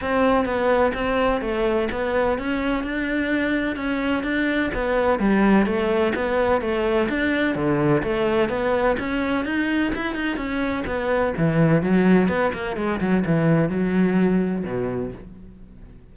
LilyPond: \new Staff \with { instrumentName = "cello" } { \time 4/4 \tempo 4 = 127 c'4 b4 c'4 a4 | b4 cis'4 d'2 | cis'4 d'4 b4 g4 | a4 b4 a4 d'4 |
d4 a4 b4 cis'4 | dis'4 e'8 dis'8 cis'4 b4 | e4 fis4 b8 ais8 gis8 fis8 | e4 fis2 b,4 | }